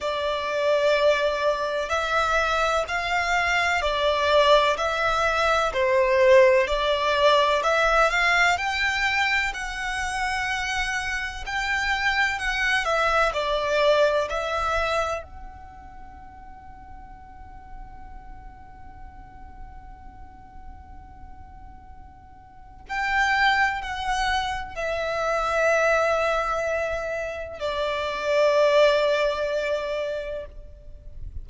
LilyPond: \new Staff \with { instrumentName = "violin" } { \time 4/4 \tempo 4 = 63 d''2 e''4 f''4 | d''4 e''4 c''4 d''4 | e''8 f''8 g''4 fis''2 | g''4 fis''8 e''8 d''4 e''4 |
fis''1~ | fis''1 | g''4 fis''4 e''2~ | e''4 d''2. | }